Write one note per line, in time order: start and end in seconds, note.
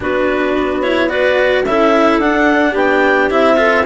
0.00 1.65 B3
0.00 0.82 D4
0.00 1.08 F#4
0.00 0.81 B4
0.81 1.09 E4
0.81 1.09 C#5
1.08 1.64 F#4
1.08 1.63 B4
1.08 1.64 D5
1.65 2.18 C#4
1.65 2.21 E4
1.65 2.71 A4
1.65 2.20 E5
2.18 2.73 D4
2.18 3.30 D4
2.18 2.75 F#5
2.71 3.29 B3
2.71 3.53 G4
2.71 3.31 G5
3.30 3.85 C4
3.30 3.56 E4
3.30 3.85 E5
3.56 3.84 F4
3.56 3.84 A4